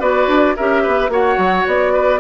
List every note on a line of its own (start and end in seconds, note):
0.00 0.28 B3
0.00 0.55 F#4
0.00 0.55 B4
0.00 0.56 D5
0.28 0.55 D4
0.56 0.87 C#4
0.56 1.10 G4
0.56 0.83 A#4
0.56 1.11 E5
0.83 1.09 B3
0.83 1.10 B4
1.09 1.36 A#3
1.09 2.20 F#4
1.09 1.93 C#5
1.09 1.67 F#5
1.38 1.65 F#3
1.67 2.20 B3
1.67 2.20 D5
1.93 2.20 B4